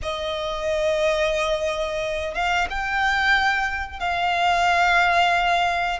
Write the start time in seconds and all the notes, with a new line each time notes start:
0.02 D#5
2.34 F5
2.70 G5
3.99 F5